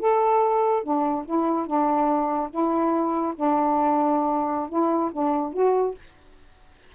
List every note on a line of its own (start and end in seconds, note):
0.00 0.83 A4
0.83 1.25 D4
1.26 1.67 E4
1.67 2.50 D4
2.51 3.34 E4
3.36 4.70 D4
4.70 5.11 E4
5.13 5.53 D4
5.53 5.95 F#4